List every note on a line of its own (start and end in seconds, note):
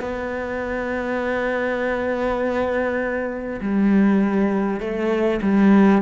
0.00 3.60 B3
3.61 4.80 G3
4.80 5.40 A3
5.42 6.02 G3